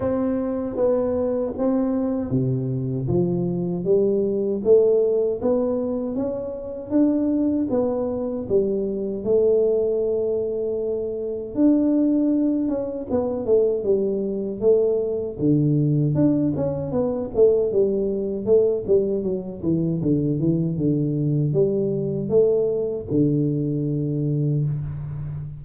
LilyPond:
\new Staff \with { instrumentName = "tuba" } { \time 4/4 \tempo 4 = 78 c'4 b4 c'4 c4 | f4 g4 a4 b4 | cis'4 d'4 b4 g4 | a2. d'4~ |
d'8 cis'8 b8 a8 g4 a4 | d4 d'8 cis'8 b8 a8 g4 | a8 g8 fis8 e8 d8 e8 d4 | g4 a4 d2 | }